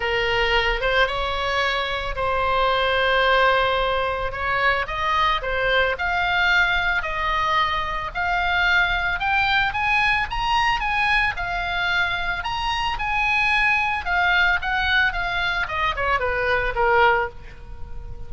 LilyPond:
\new Staff \with { instrumentName = "oboe" } { \time 4/4 \tempo 4 = 111 ais'4. c''8 cis''2 | c''1 | cis''4 dis''4 c''4 f''4~ | f''4 dis''2 f''4~ |
f''4 g''4 gis''4 ais''4 | gis''4 f''2 ais''4 | gis''2 f''4 fis''4 | f''4 dis''8 cis''8 b'4 ais'4 | }